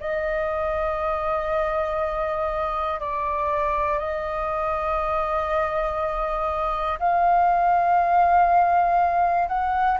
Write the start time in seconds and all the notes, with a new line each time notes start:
0.00 D#5
3.00 D5
3.99 D#5
6.99 F5
9.48 F#5